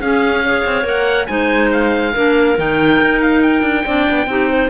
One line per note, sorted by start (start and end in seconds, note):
0.00 0.64 C#4
0.00 0.44 C#4
0.00 0.44 G#4
0.00 0.87 F5
0.44 0.83 G#4
0.44 1.29 C#5
0.65 0.84 C4
0.83 1.27 A#3
0.83 1.26 A#4
0.83 1.27 F#5
1.27 2.15 G#3
1.27 2.14 D#4
1.27 2.13 C5
1.27 1.69 G#5
1.72 2.58 F5
2.13 2.58 A#3
2.13 2.57 D4
2.13 3.85 A#4
2.57 3.01 D#3
2.57 3.85 D#4
2.57 3.21 G5
3.01 3.62 D#4
3.21 3.42 F5
3.42 4.70 G5
3.62 3.84 D4
3.85 4.08 C4
3.85 4.27 D4
3.85 4.28 D5
4.10 4.27 B3
4.27 4.69 C4
4.27 4.70 D#4
4.27 4.50 G4
4.50 4.70 C5